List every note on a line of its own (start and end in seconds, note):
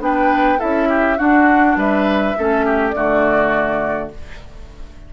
0.00 0.59 B3
0.00 0.59 D4
0.00 0.59 B4
0.00 0.61 G5
0.59 1.20 C#4
0.59 1.18 E4
0.59 0.89 A4
0.59 1.19 E5
0.89 1.18 G4
1.18 2.36 D4
1.18 1.76 D4
1.18 1.77 F#4
1.18 1.78 F#5
1.76 2.35 G3
1.76 2.38 B4
1.76 2.91 E5
2.39 2.95 A3
2.39 2.94 C#4
2.39 2.66 A4
2.66 2.95 G4
2.91 4.13 D3
2.91 4.11 A3
2.91 4.14 F#4
2.91 4.09 D5